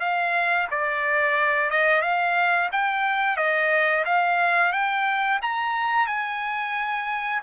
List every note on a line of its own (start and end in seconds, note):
0.00 0.67 F5
0.71 1.70 D5
1.70 2.02 D#5
2.02 2.69 F5
2.72 3.37 G5
3.37 4.04 D#5
4.05 4.72 F5
4.72 5.40 G5
5.42 6.07 A#5
6.07 7.42 G#5